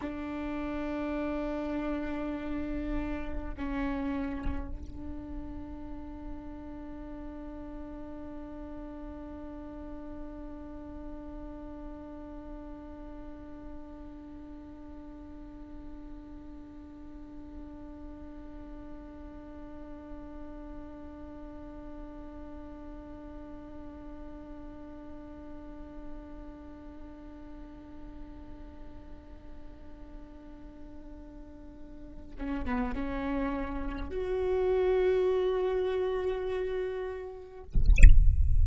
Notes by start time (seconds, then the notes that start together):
0.01 D4
3.57 C#4
4.71 D4
32.38 C#4
32.65 B3
32.94 C#4
34.10 F#4